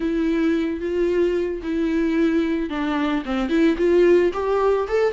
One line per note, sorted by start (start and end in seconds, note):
0.00 0.80 E4
0.80 1.61 F4
1.62 2.69 E4
2.69 3.23 D4
3.25 3.49 C4
3.49 3.76 E4
3.77 4.31 F4
4.33 4.87 G4
4.87 5.13 A4